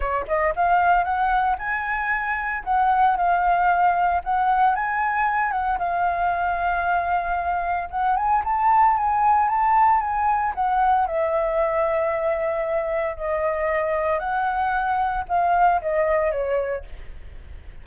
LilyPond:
\new Staff \with { instrumentName = "flute" } { \time 4/4 \tempo 4 = 114 cis''8 dis''8 f''4 fis''4 gis''4~ | gis''4 fis''4 f''2 | fis''4 gis''4. fis''8 f''4~ | f''2. fis''8 gis''8 |
a''4 gis''4 a''4 gis''4 | fis''4 e''2.~ | e''4 dis''2 fis''4~ | fis''4 f''4 dis''4 cis''4 | }